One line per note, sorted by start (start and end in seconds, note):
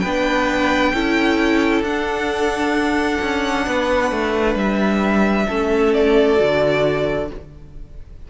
0.00 0.94 B3
0.00 0.94 D4
0.00 0.92 B4
0.00 1.82 G5
0.94 1.81 C#4
0.94 1.85 E4
0.94 3.67 A4
1.81 3.18 D4
1.81 5.49 D4
1.81 4.57 F#5
3.21 3.67 C#4
3.67 4.12 B3
3.67 5.46 B4
4.12 4.55 A3
4.55 5.46 G3
4.55 5.94 E5
5.46 6.39 A3
5.46 6.36 C#4
5.46 7.28 A4
5.94 7.30 D5
6.36 7.30 D3
6.36 7.27 F#4